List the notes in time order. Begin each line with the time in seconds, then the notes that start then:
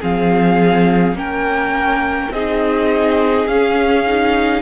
0.00 F3 C4 G#4 F5
1.13 A#3 C#4 A#4 G5
2.30 C4 D#4 G#4 D#5
3.47 C#4 F5
4.06 D#4